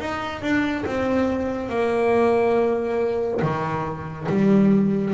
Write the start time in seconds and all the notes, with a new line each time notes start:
0.00 D#4
0.42 D4
0.86 C4
1.69 A#3
3.42 D#3
4.29 G3